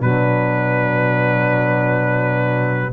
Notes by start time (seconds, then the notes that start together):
0.00 B2 F#3 D4 B4